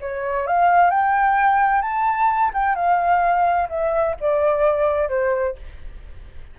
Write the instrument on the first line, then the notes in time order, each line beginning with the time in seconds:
flute
0.00 C#5
0.47 F5
0.90 G5
1.81 A5
2.53 G5
2.75 F5
3.69 E5
4.20 D5
5.09 C5